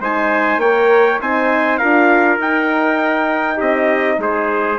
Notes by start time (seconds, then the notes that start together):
0.00 G#3 D#4 C5 G#5
0.57 A#3 A#4 C#5 G5
1.21 C4 D#4 C5 G#5
1.78 D4 F4 A#4 F5
2.38 D#4 G5
3.57 C4 G4 D#5
4.18 G#3 G#4 C5